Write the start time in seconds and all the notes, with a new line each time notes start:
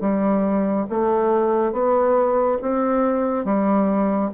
0.00 G3
0.89 A3
1.72 B3
2.61 C4
3.44 G3